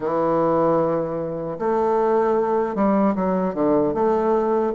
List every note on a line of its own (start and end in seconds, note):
0.00 1.58 E3
1.58 2.75 A3
2.75 3.14 G3
3.15 3.54 F#3
3.54 3.93 D3
3.94 4.73 A3